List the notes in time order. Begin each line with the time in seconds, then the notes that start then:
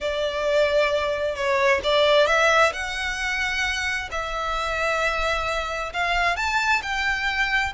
0.00 D5
1.35 C#5
1.83 D5
2.26 E5
2.73 F#5
4.11 E5
5.93 F5
6.36 A5
6.82 G5